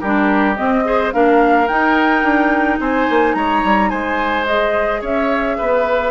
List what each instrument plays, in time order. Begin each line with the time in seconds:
0.00 bassoon G3, clarinet D4, oboe G4, flute A#4
0.56 clarinet C4, bassoon C4, flute D#5
0.84 clarinet G#4, oboe C5
1.12 bassoon A#3, clarinet D4, oboe A#4, flute F5
1.68 bassoon D#4, clarinet D#4, flute G5
2.23 bassoon D4
2.80 bassoon C4, oboe C5, flute G#5
3.10 bassoon A#3
3.34 bassoon G#3, oboe C#5, flute A#5
3.64 bassoon G3
3.90 bassoon G#3, oboe C5, flute G#5
4.45 clarinet G#4, flute D#5
5.01 bassoon C#4, oboe C#5, flute E5
5.58 bassoon B3, oboe B4